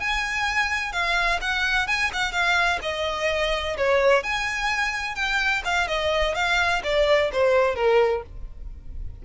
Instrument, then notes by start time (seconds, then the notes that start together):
violin
0.00 G#5
0.92 F5
1.41 F#5
1.87 G#5
2.13 F#5
2.32 F5
2.82 D#5
3.77 C#5
4.23 G#5
5.15 G5
5.65 F5
5.88 D#5
6.35 F5
6.84 D5
7.32 C5
7.75 A#4